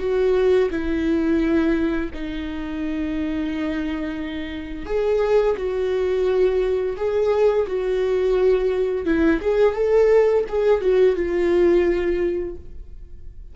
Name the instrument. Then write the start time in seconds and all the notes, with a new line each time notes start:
viola
0.00 F#4
0.71 E4
2.14 D#4
4.86 G#4
5.57 F#4
6.97 G#4
7.67 F#4
9.06 E4
9.42 G#4
9.75 A4
10.49 G#4
10.82 F#4
11.17 F4